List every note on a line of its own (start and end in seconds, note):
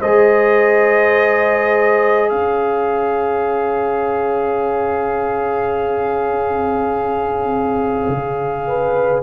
0.00 2.31 G#3
0.00 9.23 G#4
0.00 2.30 C5
0.00 2.30 D#5
2.30 8.08 C#4
2.30 8.64 C#5
2.30 9.22 F5
8.08 9.23 C#3
8.67 9.23 B4